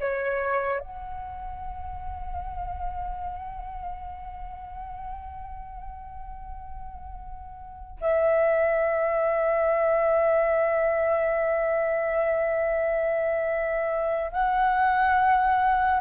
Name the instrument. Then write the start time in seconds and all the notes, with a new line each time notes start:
flute
0.00 C#5
0.80 F#5
8.01 E5
14.32 F#5